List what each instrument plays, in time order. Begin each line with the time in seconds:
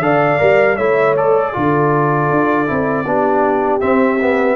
0.00 tuba D3, trombone A4, horn D5, trumpet F5
0.39 tuba G3, trombone A#4
0.76 tuba A3, trombone E4, horn C#5, trumpet E5
1.17 trombone A4, trumpet D5
1.53 tuba D3, trombone F4, horn A4
2.30 tuba D4
2.67 tuba C4, trombone E4
3.05 tuba B3, trombone D4, horn G4
3.81 trombone C4, tuba C4, trumpet E5
4.21 trombone B3